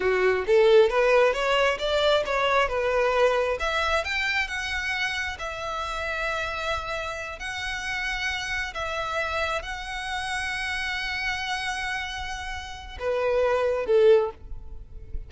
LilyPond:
\new Staff \with { instrumentName = "violin" } { \time 4/4 \tempo 4 = 134 fis'4 a'4 b'4 cis''4 | d''4 cis''4 b'2 | e''4 g''4 fis''2 | e''1~ |
e''8 fis''2. e''8~ | e''4. fis''2~ fis''8~ | fis''1~ | fis''4 b'2 a'4 | }